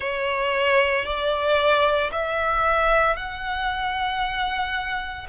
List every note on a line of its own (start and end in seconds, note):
0.00 1.05 C#5
1.05 2.10 D5
2.11 3.16 E5
3.16 5.26 F#5